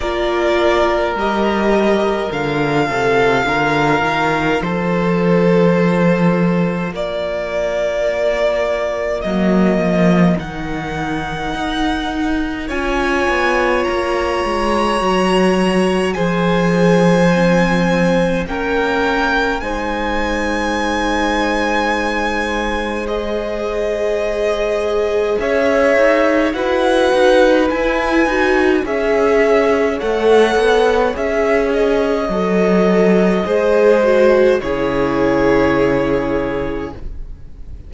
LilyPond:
<<
  \new Staff \with { instrumentName = "violin" } { \time 4/4 \tempo 4 = 52 d''4 dis''4 f''2 | c''2 d''2 | dis''4 fis''2 gis''4 | ais''2 gis''2 |
g''4 gis''2. | dis''2 e''4 fis''4 | gis''4 e''4 fis''4 e''8 dis''8~ | dis''2 cis''2 | }
  \new Staff \with { instrumentName = "violin" } { \time 4/4 ais'2~ ais'8 a'8 ais'4 | a'2 ais'2~ | ais'2. cis''4~ | cis''2 c''2 |
ais'4 c''2.~ | c''2 cis''4 b'4~ | b'4 cis''2.~ | cis''4 c''4 gis'2 | }
  \new Staff \with { instrumentName = "viola" } { \time 4/4 f'4 g'4 f'2~ | f'1 | ais4 dis'2 f'4~ | f'4 fis'4 gis'4 c'4 |
cis'4 dis'2. | gis'2. fis'4 | e'8 fis'8 gis'4 a'4 gis'4 | a'4 gis'8 fis'8 e'2 | }
  \new Staff \with { instrumentName = "cello" } { \time 4/4 ais4 g4 d8 c8 d8 dis8 | f2 ais2 | fis8 f8 dis4 dis'4 cis'8 b8 | ais8 gis8 fis4 f2 |
ais4 gis2.~ | gis2 cis'8 dis'8 e'8 dis'8 | e'8 dis'8 cis'4 a8 b8 cis'4 | fis4 gis4 cis2 | }
>>